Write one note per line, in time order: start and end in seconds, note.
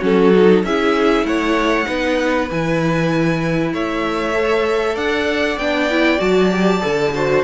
0.00 0.64 F#3
0.00 0.32 C#4
0.00 0.62 F#4
0.00 0.65 A4
0.34 0.65 D#4
0.64 1.23 C#4
0.64 1.85 E4
0.64 1.27 G#4
0.64 1.26 E5
1.23 1.85 A3
1.23 1.87 C#5
1.23 2.50 F#5
1.85 2.50 B3
1.85 2.47 D#4
1.85 3.72 B4
2.50 3.73 E3
2.50 4.34 E4
2.50 3.74 G#5
3.73 4.96 A3
3.73 4.95 C#5
3.73 4.97 E5
4.34 5.57 A4
4.95 5.57 D4
4.95 7.11 D5
4.95 5.58 F#5
5.57 6.19 B3
5.57 5.90 D4
5.57 6.20 G5
5.90 6.18 E4
6.18 6.82 F#3
6.18 6.49 F#4
6.18 7.44 A5
6.50 6.81 G4
6.81 7.44 D3
6.81 7.12 A4
7.14 7.44 F#4
7.14 7.44 C5